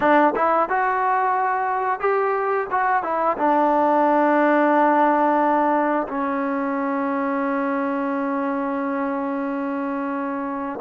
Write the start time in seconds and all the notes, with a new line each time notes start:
0.00 D4
0.35 E4
0.69 F#4
1.99 G4
2.70 F#4
3.03 E4
3.37 D4
6.07 C#4